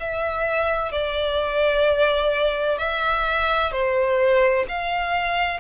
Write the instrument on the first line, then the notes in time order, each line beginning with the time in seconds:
violin
0.00 E5
0.92 D5
2.78 E5
3.72 C5
4.69 F5